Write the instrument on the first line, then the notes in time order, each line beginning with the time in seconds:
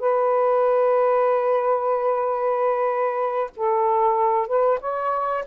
saxophone
0.00 B4
3.57 A4
4.48 B4
4.81 C#5